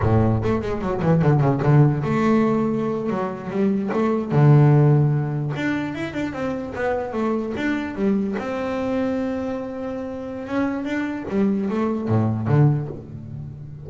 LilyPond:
\new Staff \with { instrumentName = "double bass" } { \time 4/4 \tempo 4 = 149 a,4 a8 gis8 fis8 e8 d8 cis8 | d4 a2~ a8. fis16~ | fis8. g4 a4 d4~ d16~ | d4.~ d16 d'4 e'8 d'8 c'16~ |
c'8. b4 a4 d'4 g16~ | g8. c'2.~ c'16~ | c'2 cis'4 d'4 | g4 a4 a,4 d4 | }